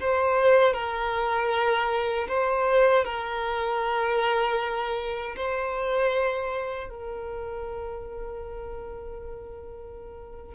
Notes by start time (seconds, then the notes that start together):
0.00 C5
0.73 A#4
2.28 C5
3.04 A#4
5.36 C5
6.89 A#4